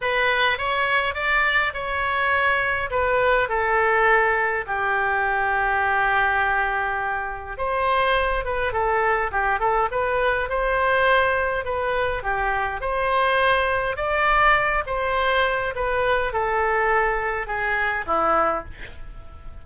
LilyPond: \new Staff \with { instrumentName = "oboe" } { \time 4/4 \tempo 4 = 103 b'4 cis''4 d''4 cis''4~ | cis''4 b'4 a'2 | g'1~ | g'4 c''4. b'8 a'4 |
g'8 a'8 b'4 c''2 | b'4 g'4 c''2 | d''4. c''4. b'4 | a'2 gis'4 e'4 | }